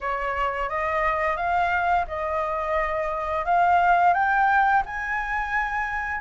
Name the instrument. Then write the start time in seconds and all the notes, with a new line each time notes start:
flute
0.01 C#5
0.69 D#5
1.36 F5
2.07 D#5
3.45 F5
4.13 G5
4.85 G#5